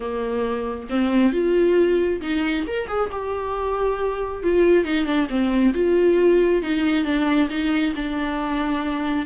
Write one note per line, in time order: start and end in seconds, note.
0.00 0.88 A#3
0.89 1.32 C4
1.32 2.20 F4
2.21 2.65 D#4
2.67 2.88 A#4
2.88 3.10 G#4
3.11 4.43 G4
4.43 4.84 F4
4.84 5.05 D#4
5.05 5.27 D4
5.29 5.73 C4
5.74 6.62 F4
6.62 7.04 D#4
7.04 7.48 D4
7.49 7.93 D#4
7.95 9.25 D4